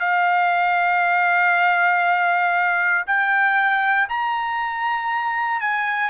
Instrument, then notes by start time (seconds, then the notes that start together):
trumpet
0.00 F5
3.06 G5
4.09 A#5
5.61 G#5